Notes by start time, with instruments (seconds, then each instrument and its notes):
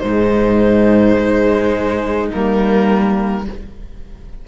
0.00 cello G#2, saxophone G#3, viola D#4, violin C5
1.17 cello G#3
2.29 cello G3, saxophone A#3, violin A#4